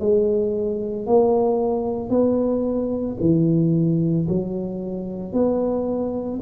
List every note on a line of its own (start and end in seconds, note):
0.00 1.07 G#3
1.07 2.10 A#3
2.10 3.18 B3
3.20 4.28 E3
4.29 5.33 F#3
5.33 6.40 B3